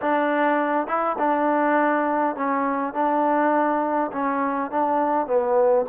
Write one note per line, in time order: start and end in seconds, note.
0.01 0.87 D4
0.87 1.16 E4
1.18 2.35 D4
2.35 2.93 C#4
2.93 4.11 D4
4.11 4.70 C#4
4.71 5.26 D4
5.26 5.85 B3